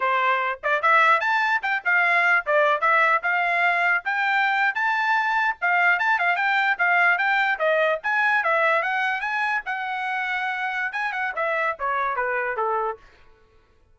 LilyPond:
\new Staff \with { instrumentName = "trumpet" } { \time 4/4 \tempo 4 = 148 c''4. d''8 e''4 a''4 | g''8 f''4. d''4 e''4 | f''2 g''4.~ g''16 a''16~ | a''4.~ a''16 f''4 a''8 f''8 g''16~ |
g''8. f''4 g''4 dis''4 gis''16~ | gis''8. e''4 fis''4 gis''4 fis''16~ | fis''2. gis''8 fis''8 | e''4 cis''4 b'4 a'4 | }